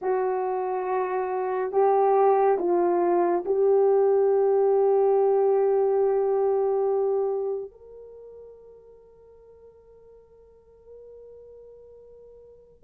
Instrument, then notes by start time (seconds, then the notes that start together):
horn
0.01 F#4
1.71 G4
2.58 F4
3.45 G4
7.71 A#4